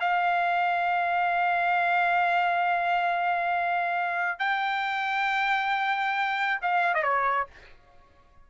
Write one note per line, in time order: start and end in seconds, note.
0.00 4.39 F5
4.39 6.60 G5
6.62 6.94 F5
6.94 7.03 D#5
7.03 7.47 C#5